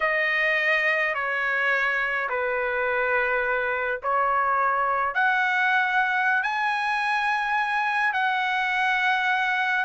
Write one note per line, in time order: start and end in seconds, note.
0.00 1.14 D#5
1.14 2.28 C#5
2.29 4.00 B4
4.02 5.14 C#5
5.14 6.42 F#5
6.43 8.13 G#5
8.13 9.84 F#5